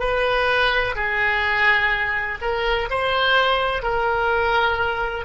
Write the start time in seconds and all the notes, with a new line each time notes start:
0.00 B4
0.96 G#4
2.42 A#4
2.90 C5
3.83 A#4